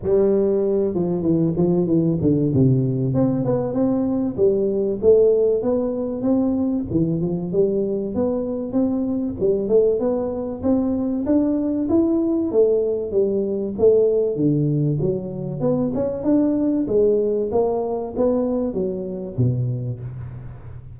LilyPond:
\new Staff \with { instrumentName = "tuba" } { \time 4/4 \tempo 4 = 96 g4. f8 e8 f8 e8 d8 | c4 c'8 b8 c'4 g4 | a4 b4 c'4 e8 f8 | g4 b4 c'4 g8 a8 |
b4 c'4 d'4 e'4 | a4 g4 a4 d4 | fis4 b8 cis'8 d'4 gis4 | ais4 b4 fis4 b,4 | }